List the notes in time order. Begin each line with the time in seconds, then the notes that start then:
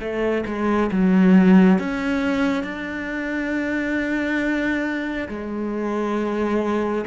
0.00 A3
0.46 G#3
0.91 F#3
1.78 C#4
2.63 D4
5.28 G#3